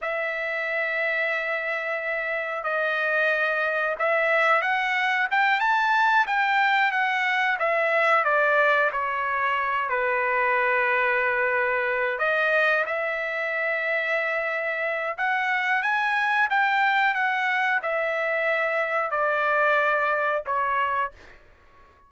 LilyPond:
\new Staff \with { instrumentName = "trumpet" } { \time 4/4 \tempo 4 = 91 e''1 | dis''2 e''4 fis''4 | g''8 a''4 g''4 fis''4 e''8~ | e''8 d''4 cis''4. b'4~ |
b'2~ b'8 dis''4 e''8~ | e''2. fis''4 | gis''4 g''4 fis''4 e''4~ | e''4 d''2 cis''4 | }